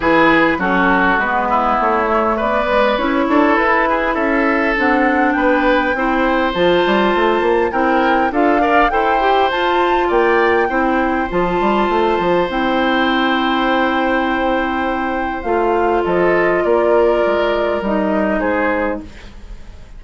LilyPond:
<<
  \new Staff \with { instrumentName = "flute" } { \time 4/4 \tempo 4 = 101 b'4 a'4 b'4 cis''4 | d''4 cis''4 b'4 e''4 | fis''4 g''2 a''4~ | a''4 g''4 f''4 g''4 |
a''4 g''2 a''4~ | a''4 g''2.~ | g''2 f''4 dis''4 | d''2 dis''4 c''4 | }
  \new Staff \with { instrumentName = "oboe" } { \time 4/4 gis'4 fis'4. e'4. | b'4. a'4 gis'8 a'4~ | a'4 b'4 c''2~ | c''4 ais'4 a'8 d''8 c''4~ |
c''4 d''4 c''2~ | c''1~ | c''2. a'4 | ais'2. gis'4 | }
  \new Staff \with { instrumentName = "clarinet" } { \time 4/4 e'4 cis'4 b4. a8~ | a8 gis8 e'2. | d'2 e'4 f'4~ | f'4 e'4 f'8 ais'8 a'8 g'8 |
f'2 e'4 f'4~ | f'4 e'2.~ | e'2 f'2~ | f'2 dis'2 | }
  \new Staff \with { instrumentName = "bassoon" } { \time 4/4 e4 fis4 gis4 a4 | b4 cis'8 d'8 e'4 cis'4 | c'4 b4 c'4 f8 g8 | a8 ais8 c'4 d'4 e'4 |
f'4 ais4 c'4 f8 g8 | a8 f8 c'2.~ | c'2 a4 f4 | ais4 gis4 g4 gis4 | }
>>